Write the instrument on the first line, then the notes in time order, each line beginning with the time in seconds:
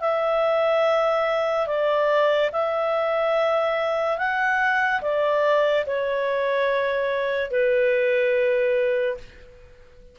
clarinet
0.00 E5
1.67 D5
2.52 E5
4.17 F#5
5.01 D5
5.86 C#5
7.50 B4